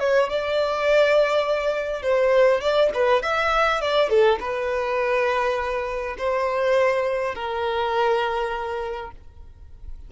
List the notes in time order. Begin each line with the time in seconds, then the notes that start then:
0.00 C#5
0.29 D5
2.02 C5
2.61 D5
2.94 B4
3.22 E5
3.82 D5
4.10 A4
4.40 B4
6.18 C5
7.35 A#4